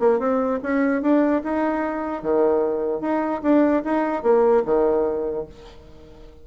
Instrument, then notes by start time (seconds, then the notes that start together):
bassoon
0.00 A#3
0.19 C4
0.63 C#4
1.02 D4
1.44 D#4
2.23 D#3
3.01 D#4
3.43 D4
3.85 D#4
4.23 A#3
4.65 D#3